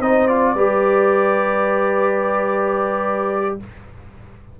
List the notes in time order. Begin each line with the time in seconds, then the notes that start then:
0.00 C4 D#4 C5 D#5
0.27 F4 D5
0.54 G3 G4 B4